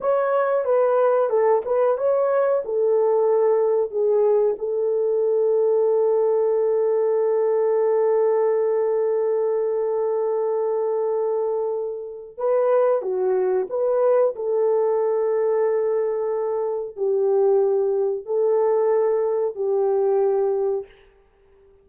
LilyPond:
\new Staff \with { instrumentName = "horn" } { \time 4/4 \tempo 4 = 92 cis''4 b'4 a'8 b'8 cis''4 | a'2 gis'4 a'4~ | a'1~ | a'1~ |
a'2. b'4 | fis'4 b'4 a'2~ | a'2 g'2 | a'2 g'2 | }